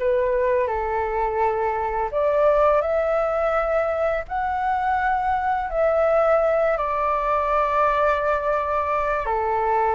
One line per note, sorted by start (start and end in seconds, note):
0.00 0.68 B4
0.68 2.11 A4
2.12 2.82 D5
2.82 4.25 E5
4.29 5.70 F#5
5.70 6.78 E5
6.78 9.26 D5
9.26 9.95 A4